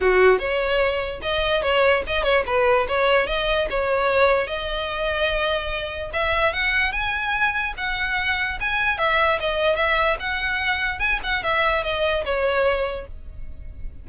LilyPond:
\new Staff \with { instrumentName = "violin" } { \time 4/4 \tempo 4 = 147 fis'4 cis''2 dis''4 | cis''4 dis''8 cis''8 b'4 cis''4 | dis''4 cis''2 dis''4~ | dis''2. e''4 |
fis''4 gis''2 fis''4~ | fis''4 gis''4 e''4 dis''4 | e''4 fis''2 gis''8 fis''8 | e''4 dis''4 cis''2 | }